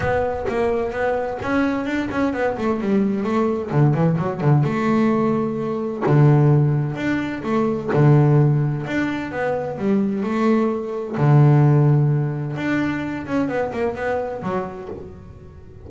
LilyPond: \new Staff \with { instrumentName = "double bass" } { \time 4/4 \tempo 4 = 129 b4 ais4 b4 cis'4 | d'8 cis'8 b8 a8 g4 a4 | d8 e8 fis8 d8 a2~ | a4 d2 d'4 |
a4 d2 d'4 | b4 g4 a2 | d2. d'4~ | d'8 cis'8 b8 ais8 b4 fis4 | }